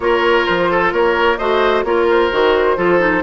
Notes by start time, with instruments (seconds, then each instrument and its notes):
0.00 bassoon A#3, clarinet F4, oboe A#4, flute C#5
0.45 bassoon F3, flute C5
0.71 oboe A4
0.92 bassoon A#3, oboe A#4, flute C#5
1.37 bassoon A3, clarinet F#4, oboe C5, flute D#5
1.83 bassoon A#3, clarinet F4, oboe A#4, flute C#5
2.10 flute C5
2.31 bassoon D#3, clarinet F#4
2.77 bassoon F3, clarinet F4, oboe A4
2.99 clarinet D#4